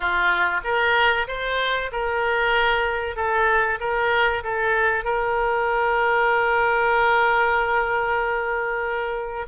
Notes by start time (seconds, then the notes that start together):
0.00 F4
0.64 A#4
1.27 C5
1.91 A#4
3.16 A4
3.80 A#4
4.43 A4
5.04 A#4